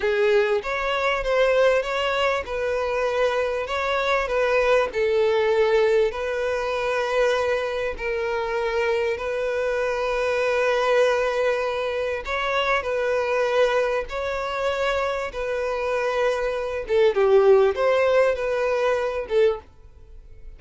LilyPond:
\new Staff \with { instrumentName = "violin" } { \time 4/4 \tempo 4 = 98 gis'4 cis''4 c''4 cis''4 | b'2 cis''4 b'4 | a'2 b'2~ | b'4 ais'2 b'4~ |
b'1 | cis''4 b'2 cis''4~ | cis''4 b'2~ b'8 a'8 | g'4 c''4 b'4. a'8 | }